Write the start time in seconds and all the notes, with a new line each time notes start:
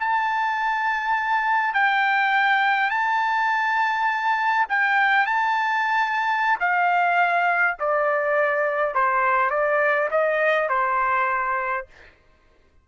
0.00 A5
1.74 G5
2.91 A5
4.69 G5
5.26 A5
6.60 F5
7.79 D5
8.95 C5
9.50 D5
10.11 D#5
10.69 C5